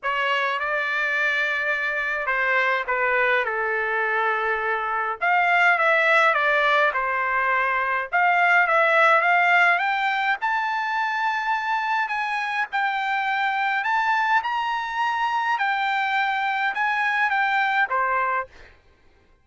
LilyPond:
\new Staff \with { instrumentName = "trumpet" } { \time 4/4 \tempo 4 = 104 cis''4 d''2. | c''4 b'4 a'2~ | a'4 f''4 e''4 d''4 | c''2 f''4 e''4 |
f''4 g''4 a''2~ | a''4 gis''4 g''2 | a''4 ais''2 g''4~ | g''4 gis''4 g''4 c''4 | }